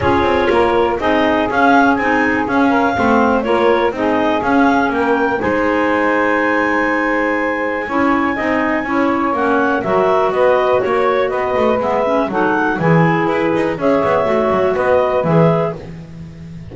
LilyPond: <<
  \new Staff \with { instrumentName = "clarinet" } { \time 4/4 \tempo 4 = 122 cis''2 dis''4 f''4 | gis''4 f''2 cis''4 | dis''4 f''4 g''4 gis''4~ | gis''1~ |
gis''2. fis''4 | e''4 dis''4 cis''4 dis''4 | e''4 fis''4 gis''4 b'4 | e''2 dis''4 e''4 | }
  \new Staff \with { instrumentName = "saxophone" } { \time 4/4 gis'4 ais'4 gis'2~ | gis'4. ais'8 c''4 ais'4 | gis'2 ais'4 c''4~ | c''1 |
cis''4 dis''4 cis''2 | ais'4 b'4 cis''4 b'4~ | b'4 a'4 gis'2 | cis''2 b'2 | }
  \new Staff \with { instrumentName = "clarinet" } { \time 4/4 f'2 dis'4 cis'4 | dis'4 cis'4 c'4 f'4 | dis'4 cis'2 dis'4~ | dis'1 |
e'4 dis'4 e'4 cis'4 | fis'1 | b8 cis'8 dis'4 e'2 | gis'4 fis'2 gis'4 | }
  \new Staff \with { instrumentName = "double bass" } { \time 4/4 cis'8 c'8 ais4 c'4 cis'4 | c'4 cis'4 a4 ais4 | c'4 cis'4 ais4 gis4~ | gis1 |
cis'4 c'4 cis'4 ais4 | fis4 b4 ais4 b8 a8 | gis4 fis4 e4 e'8 dis'8 | cis'8 b8 a8 fis8 b4 e4 | }
>>